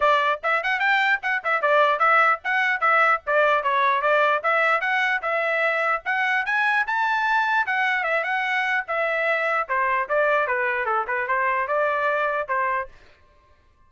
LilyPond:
\new Staff \with { instrumentName = "trumpet" } { \time 4/4 \tempo 4 = 149 d''4 e''8 fis''8 g''4 fis''8 e''8 | d''4 e''4 fis''4 e''4 | d''4 cis''4 d''4 e''4 | fis''4 e''2 fis''4 |
gis''4 a''2 fis''4 | e''8 fis''4. e''2 | c''4 d''4 b'4 a'8 b'8 | c''4 d''2 c''4 | }